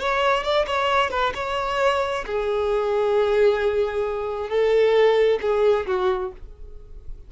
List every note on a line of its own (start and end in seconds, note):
0.00 0.43 C#5
0.43 0.66 D5
0.67 1.11 C#5
1.11 1.33 B4
1.35 2.25 C#5
2.27 4.49 G#4
4.49 5.40 A4
5.41 5.86 G#4
5.87 6.32 F#4